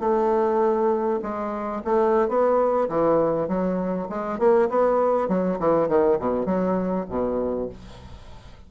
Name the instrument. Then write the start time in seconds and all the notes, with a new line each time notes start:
bassoon
0.00 A3
1.22 G#3
1.84 A3
2.28 B3
2.89 E3
3.48 F#3
4.09 G#3
4.39 A#3
4.69 B3
5.28 F#3
5.59 E3
5.88 D#3
6.19 B2
6.46 F#3
7.09 B2